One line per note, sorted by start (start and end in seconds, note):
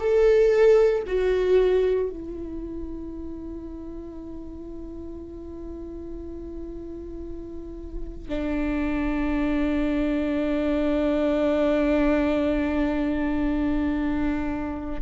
0.00 1.03 A4
1.07 2.10 F#4
2.10 8.29 E4
8.29 15.01 D4